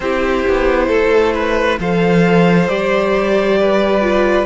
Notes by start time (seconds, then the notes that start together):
0.00 C4 E4 G4 C5
0.47 B3
0.88 A3 A4
1.34 B4
1.79 F3 A4 C5 F5
2.68 G3 G4 D5
3.60 B4
4.01 F4